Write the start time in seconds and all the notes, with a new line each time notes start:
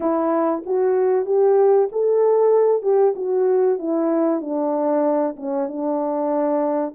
0.00 E4
0.65 F#4
1.25 G4
1.91 A4
2.82 G4
3.15 F#4
3.79 E4
4.40 D4
5.36 C#4
5.68 D4